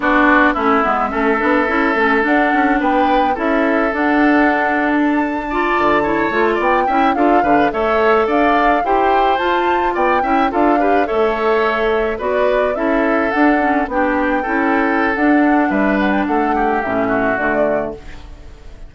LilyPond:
<<
  \new Staff \with { instrumentName = "flute" } { \time 4/4 \tempo 4 = 107 d''4 e''2. | fis''4 g''4 e''4 fis''4~ | fis''8. a''2. g''16~ | g''8. f''4 e''4 f''4 g''16~ |
g''8. a''4 g''4 f''4 e''16~ | e''4.~ e''16 d''4 e''4 fis''16~ | fis''8. g''2~ g''16 fis''4 | e''8 fis''16 g''16 fis''4 e''4 d''4 | }
  \new Staff \with { instrumentName = "oboe" } { \time 4/4 fis'4 e'4 a'2~ | a'4 b'4 a'2~ | a'4.~ a'16 d''4 cis''4 d''16~ | d''16 e''8 a'8 b'8 cis''4 d''4 c''16~ |
c''4.~ c''16 d''8 e''8 a'8 b'8 cis''16~ | cis''4.~ cis''16 b'4 a'4~ a'16~ | a'8. g'4 a'2~ a'16 | b'4 a'8 g'4 fis'4. | }
  \new Staff \with { instrumentName = "clarinet" } { \time 4/4 d'4 cis'8 b8 cis'8 d'8 e'8 cis'8 | d'2 e'4 d'4~ | d'4.~ d'16 f'4 e'8 f'8.~ | f'16 e'8 f'8 d'8 a'2 g'16~ |
g'8. f'4. e'8 f'8 g'8 a'16~ | a'4.~ a'16 fis'4 e'4 d'16~ | d'16 cis'8 d'4 e'4~ e'16 d'4~ | d'2 cis'4 a4 | }
  \new Staff \with { instrumentName = "bassoon" } { \time 4/4 b4 a8 gis8 a8 b8 cis'8 a8 | d'8 cis'8 b4 cis'4 d'4~ | d'2~ d'16 d4 a8 b16~ | b16 cis'8 d'8 d8 a4 d'4 e'16~ |
e'8. f'4 b8 cis'8 d'4 a16~ | a4.~ a16 b4 cis'4 d'16~ | d'8. b4 cis'4~ cis'16 d'4 | g4 a4 a,4 d4 | }
>>